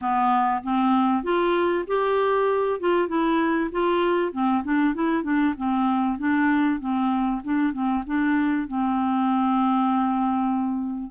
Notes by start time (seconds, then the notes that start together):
0.01 B3
0.63 C4
1.23 F4
1.87 G4
2.80 F4
3.08 E4
3.71 F4
4.32 C4
4.63 D4
4.94 E4
5.23 D4
5.57 C4
6.18 D4
6.80 C4
7.43 D4
7.72 C4
8.06 D4
8.67 C4